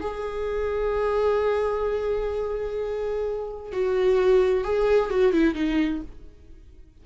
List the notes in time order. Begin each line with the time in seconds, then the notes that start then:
0.00 G#4
3.72 F#4
4.63 G#4
5.09 F#4
5.33 E4
5.54 D#4